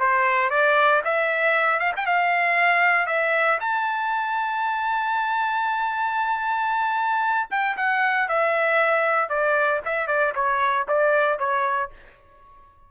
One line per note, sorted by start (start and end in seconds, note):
0.00 0.51 C5
0.51 1.02 D5
1.05 1.80 E5
1.80 1.93 F5
1.97 2.06 G5
2.06 3.07 F5
3.07 3.59 E5
3.61 7.49 A5
7.51 7.77 G5
7.77 8.29 F#5
8.29 9.30 E5
9.30 9.81 D5
9.86 10.08 E5
10.08 10.34 D5
10.35 10.87 C#5
10.88 11.39 D5
11.39 11.91 C#5